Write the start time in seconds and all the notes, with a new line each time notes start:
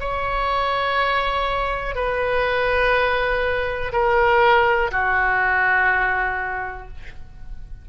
0.00 C#5
1.95 B4
3.93 A#4
4.91 F#4